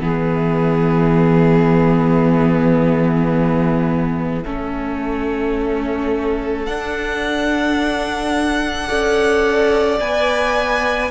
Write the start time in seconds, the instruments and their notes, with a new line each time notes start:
0.00 cello E3, viola B3, violin G#4 E5
4.44 cello A3, viola C#4, violin A4
6.66 cello D4, viola D4, violin F#5
8.88 cello C#4, viola A4, violin D5
10.00 cello B3, viola B4, violin G#5